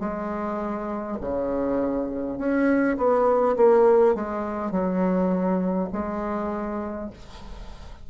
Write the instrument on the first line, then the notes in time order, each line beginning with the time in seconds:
bassoon
0.00 G#3
1.21 C#3
2.38 C#4
2.97 B3
3.56 A#3
4.15 G#3
4.71 F#3
5.93 G#3